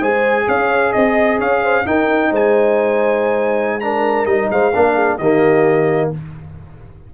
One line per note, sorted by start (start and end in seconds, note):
0.00 0.46 G#3
0.00 1.85 G#4
0.00 0.46 C5
0.00 0.48 G#5
0.47 0.94 C#4
0.47 0.92 C#5
0.47 0.92 F5
0.92 1.39 C4
0.92 1.38 D#5
0.92 1.39 D#5
1.38 1.85 C#4
1.38 1.61 C#5
1.38 1.87 F5
1.63 1.86 C5
1.85 3.81 D#4
1.85 2.31 D#4
1.85 2.30 A#4
1.85 2.33 G5
2.30 4.26 G#3
2.30 3.80 C5
2.30 3.80 G#5
3.80 4.26 D4
3.80 4.51 A#4
3.80 4.25 A#5
4.25 4.49 G3
4.25 4.72 D#4
4.25 4.49 D#5
4.50 4.73 G#3
4.50 4.74 C5
4.50 5.18 F5
4.74 5.19 A#3
4.74 5.20 D4
4.74 4.94 A#4
4.94 5.17 G#4
5.18 6.11 D#3
5.18 6.14 A#3
5.18 6.12 G4
5.18 6.10 D#5